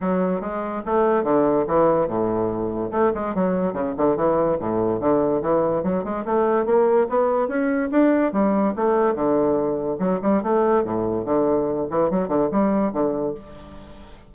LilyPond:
\new Staff \with { instrumentName = "bassoon" } { \time 4/4 \tempo 4 = 144 fis4 gis4 a4 d4 | e4 a,2 a8 gis8 | fis4 cis8 d8 e4 a,4 | d4 e4 fis8 gis8 a4 |
ais4 b4 cis'4 d'4 | g4 a4 d2 | fis8 g8 a4 a,4 d4~ | d8 e8 fis8 d8 g4 d4 | }